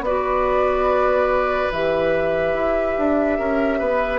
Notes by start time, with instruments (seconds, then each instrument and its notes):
0.00 bassoon B3, clarinet F#4, oboe B4, flute D5
1.71 bassoon E3, clarinet G4, flute E5
2.53 bassoon E4
2.97 bassoon D4
3.38 bassoon C#4, oboe A#4
3.78 bassoon B3, oboe B4